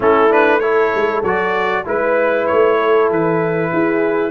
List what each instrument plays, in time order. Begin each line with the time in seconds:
0.00 tuba A3, trombone C#4, horn E4, trumpet A4
0.30 trombone D4, trumpet B4
0.59 trombone E4, horn A4, trumpet C#5
0.95 tuba G#3
1.22 tuba F#3, trombone F#4, trumpet D5
1.84 tuba G#3, trombone E4, horn B4, trumpet B4
2.46 tuba A3, trumpet C#5
2.77 horn A4
3.10 tuba E3, trumpet B4
3.71 tuba E4, horn G#4